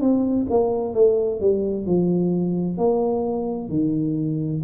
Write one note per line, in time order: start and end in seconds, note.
0.00 0.46 C4
0.50 0.94 A#3
0.94 1.40 A3
1.40 1.86 G3
1.86 2.77 F3
2.77 3.69 A#3
3.69 4.61 D#3